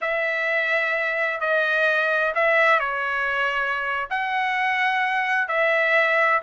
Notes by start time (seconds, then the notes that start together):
0.01 E5
1.40 D#5
2.34 E5
2.79 C#5
4.10 F#5
5.47 E5